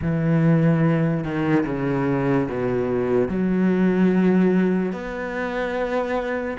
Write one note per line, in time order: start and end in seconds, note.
0.01 1.23 E3
1.23 1.64 D#3
1.66 2.48 C#3
2.48 3.28 B2
3.28 4.92 F#3
4.92 6.56 B3